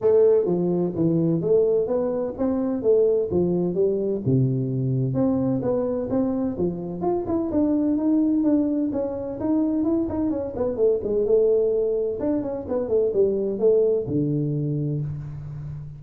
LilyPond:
\new Staff \with { instrumentName = "tuba" } { \time 4/4 \tempo 4 = 128 a4 f4 e4 a4 | b4 c'4 a4 f4 | g4 c2 c'4 | b4 c'4 f4 f'8 e'8 |
d'4 dis'4 d'4 cis'4 | dis'4 e'8 dis'8 cis'8 b8 a8 gis8 | a2 d'8 cis'8 b8 a8 | g4 a4 d2 | }